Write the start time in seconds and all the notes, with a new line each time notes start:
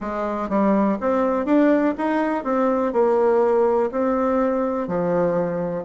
0.00 G#3
0.49 G3
1.00 C4
1.45 D4
1.97 D#4
2.44 C4
2.92 A#3
3.91 C4
4.87 F3